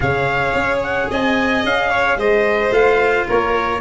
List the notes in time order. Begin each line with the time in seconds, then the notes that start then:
0.00 C#3 G#4 C#5 F5
0.53 C#4
0.83 F#5
1.10 C4 D#5 G#5
1.64 C#4 F5
1.90 C#5
2.16 G#3 C5 D#5
2.70 A3 F4 F5
3.27 A#3 A#4 C#5